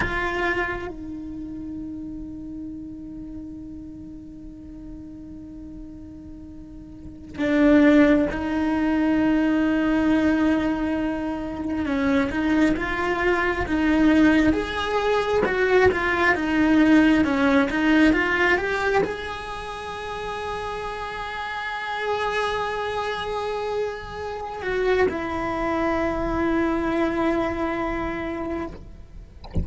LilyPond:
\new Staff \with { instrumentName = "cello" } { \time 4/4 \tempo 4 = 67 f'4 dis'2.~ | dis'1~ | dis'16 d'4 dis'2~ dis'8.~ | dis'4~ dis'16 cis'8 dis'8 f'4 dis'8.~ |
dis'16 gis'4 fis'8 f'8 dis'4 cis'8 dis'16~ | dis'16 f'8 g'8 gis'2~ gis'8.~ | gis'2.~ gis'8 fis'8 | e'1 | }